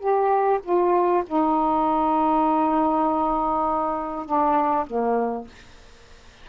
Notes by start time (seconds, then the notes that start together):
0.00 G4
0.63 F4
1.27 D#4
4.26 D4
4.87 A#3